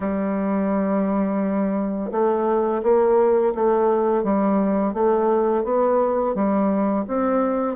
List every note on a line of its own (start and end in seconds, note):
0.00 2.10 G3
2.11 2.82 A3
2.82 3.53 A#3
3.55 4.23 A3
4.23 4.93 G3
4.93 5.64 A3
5.64 6.34 B3
6.34 7.05 G3
7.07 7.76 C4